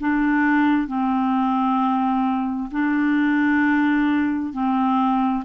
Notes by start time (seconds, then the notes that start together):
0.00 D4
0.87 C4
2.71 D4
4.52 C4